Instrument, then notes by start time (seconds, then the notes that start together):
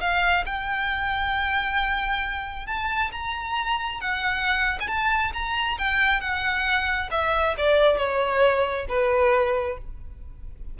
violin
0.00 F5
0.45 G5
2.66 A5
3.12 A#5
4.00 F#5
4.80 G#5
4.87 A5
5.33 A#5
5.78 G5
6.20 F#5
7.11 E5
7.57 D5
7.97 C#5
8.88 B4